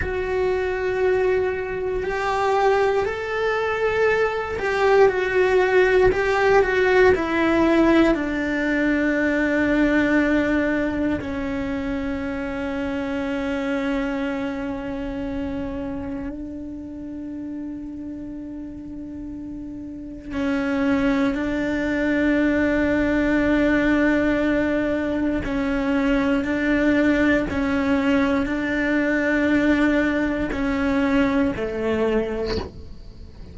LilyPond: \new Staff \with { instrumentName = "cello" } { \time 4/4 \tempo 4 = 59 fis'2 g'4 a'4~ | a'8 g'8 fis'4 g'8 fis'8 e'4 | d'2. cis'4~ | cis'1 |
d'1 | cis'4 d'2.~ | d'4 cis'4 d'4 cis'4 | d'2 cis'4 a4 | }